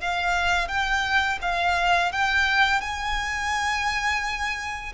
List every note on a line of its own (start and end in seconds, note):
0.00 0.68 F5
0.68 1.39 G5
1.41 2.12 F5
2.12 2.81 G5
2.81 4.93 G#5